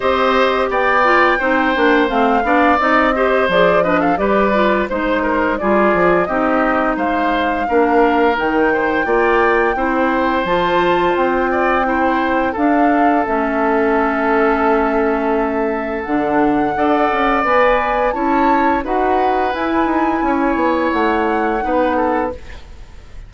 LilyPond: <<
  \new Staff \with { instrumentName = "flute" } { \time 4/4 \tempo 4 = 86 dis''4 g''2 f''4 | dis''4 d''8 dis''16 f''16 d''4 c''4 | d''4 dis''4 f''2 | g''2. a''4 |
g''2 f''4 e''4~ | e''2. fis''4~ | fis''4 gis''4 a''4 fis''4 | gis''2 fis''2 | }
  \new Staff \with { instrumentName = "oboe" } { \time 4/4 c''4 d''4 c''4. d''8~ | d''8 c''4 b'16 a'16 b'4 c''8 ais'8 | gis'4 g'4 c''4 ais'4~ | ais'8 c''8 d''4 c''2~ |
c''8 d''8 c''4 a'2~ | a'1 | d''2 cis''4 b'4~ | b'4 cis''2 b'8 a'8 | }
  \new Staff \with { instrumentName = "clarinet" } { \time 4/4 g'4. f'8 dis'8 d'8 c'8 d'8 | dis'8 g'8 gis'8 d'8 g'8 f'8 dis'4 | f'4 dis'2 d'4 | dis'4 f'4 e'4 f'4~ |
f'4 e'4 d'4 cis'4~ | cis'2. d'4 | a'4 b'4 e'4 fis'4 | e'2. dis'4 | }
  \new Staff \with { instrumentName = "bassoon" } { \time 4/4 c'4 b4 c'8 ais8 a8 b8 | c'4 f4 g4 gis4 | g8 f8 c'4 gis4 ais4 | dis4 ais4 c'4 f4 |
c'2 d'4 a4~ | a2. d4 | d'8 cis'8 b4 cis'4 dis'4 | e'8 dis'8 cis'8 b8 a4 b4 | }
>>